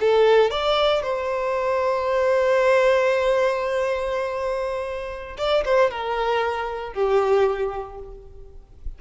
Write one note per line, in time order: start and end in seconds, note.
0.00 0.50 A4
0.50 1.02 D5
1.02 5.37 C5
5.37 5.63 D5
5.65 5.90 C5
5.90 6.93 A#4
6.93 7.98 G4